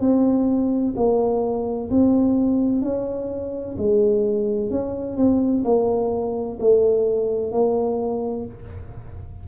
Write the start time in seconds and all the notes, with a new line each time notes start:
0.00 C4
0.96 A#3
1.90 C4
2.82 C#4
3.77 G#3
4.70 C#4
5.16 C4
5.64 A#3
6.60 A3
7.51 A#3